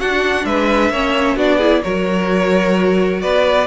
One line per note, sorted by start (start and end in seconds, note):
0.00 0.94 D4
0.00 0.45 D4
0.00 0.46 F#4
0.00 0.45 F#5
0.45 0.90 G#3
0.45 0.92 B4
0.45 1.38 E5
0.90 1.36 A#3
0.90 1.38 C#4
0.90 1.36 C#5
1.36 1.82 B3
1.36 1.60 D4
1.36 1.58 F#4
1.36 1.83 D5
1.58 1.83 E4
1.58 1.81 G#4
1.83 3.23 F#3
1.83 3.68 F#4
1.83 3.22 A#4
1.83 3.22 C#5
3.22 3.68 B3
3.22 3.68 B4
3.22 3.68 D5